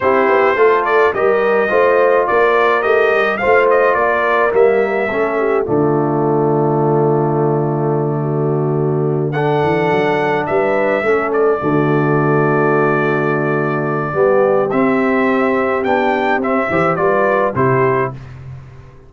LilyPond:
<<
  \new Staff \with { instrumentName = "trumpet" } { \time 4/4 \tempo 4 = 106 c''4. d''8 dis''2 | d''4 dis''4 f''8 dis''8 d''4 | e''2 d''2~ | d''1~ |
d''8 fis''2 e''4. | d''1~ | d''2 e''2 | g''4 e''4 d''4 c''4 | }
  \new Staff \with { instrumentName = "horn" } { \time 4/4 g'4 a'4 ais'4 c''4 | ais'2 c''4 ais'4~ | ais'4 a'8 g'8 f'2~ | f'2~ f'8 fis'4.~ |
fis'8 a'2 b'4 a'8~ | a'8 fis'2.~ fis'8~ | fis'4 g'2.~ | g'4. c''8 b'4 g'4 | }
  \new Staff \with { instrumentName = "trombone" } { \time 4/4 e'4 f'4 g'4 f'4~ | f'4 g'4 f'2 | ais4 cis'4 a2~ | a1~ |
a8 d'2. cis'8~ | cis'8 a2.~ a8~ | a4 b4 c'2 | d'4 c'8 g'8 f'4 e'4 | }
  \new Staff \with { instrumentName = "tuba" } { \time 4/4 c'8 b8 a4 g4 a4 | ais4 a8 g8 a4 ais4 | g4 a4 d2~ | d1~ |
d4 e8 fis4 g4 a8~ | a8 d2.~ d8~ | d4 g4 c'2 | b4 c'8 e8 g4 c4 | }
>>